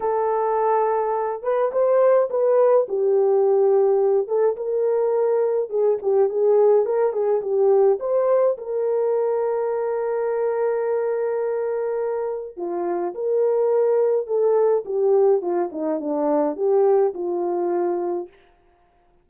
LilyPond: \new Staff \with { instrumentName = "horn" } { \time 4/4 \tempo 4 = 105 a'2~ a'8 b'8 c''4 | b'4 g'2~ g'8 a'8 | ais'2 gis'8 g'8 gis'4 | ais'8 gis'8 g'4 c''4 ais'4~ |
ais'1~ | ais'2 f'4 ais'4~ | ais'4 a'4 g'4 f'8 dis'8 | d'4 g'4 f'2 | }